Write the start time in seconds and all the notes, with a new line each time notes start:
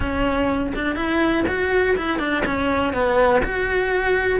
0.00 C#4
0.75 D4
0.95 E4
1.47 F#4
1.96 E4
2.19 D4
2.45 C#4
2.93 B3
3.43 F#4